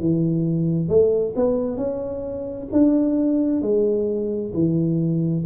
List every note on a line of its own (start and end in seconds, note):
0.00 0.88 E3
0.88 1.34 A3
1.36 1.77 B3
1.77 2.68 C#4
2.72 3.62 D4
3.62 4.52 G#3
4.54 5.45 E3